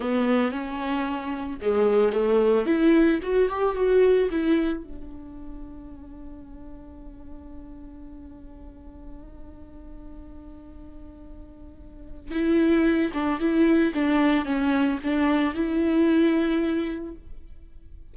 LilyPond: \new Staff \with { instrumentName = "viola" } { \time 4/4 \tempo 4 = 112 b4 cis'2 gis4 | a4 e'4 fis'8 g'8 fis'4 | e'4 d'2.~ | d'1~ |
d'1~ | d'2. e'4~ | e'8 d'8 e'4 d'4 cis'4 | d'4 e'2. | }